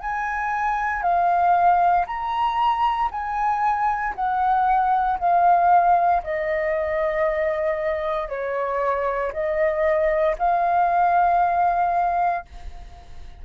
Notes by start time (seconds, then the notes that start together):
0.00 G#5
1.02 F5
2.06 A#5
3.11 G#5
4.15 F#5
5.19 F5
6.23 D#5
8.29 C#5
9.32 D#5
10.38 F5